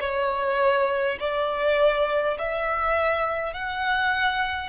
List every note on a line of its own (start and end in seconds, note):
0.00 1.18 C#5
1.20 2.37 D5
2.39 3.53 E5
3.53 4.68 F#5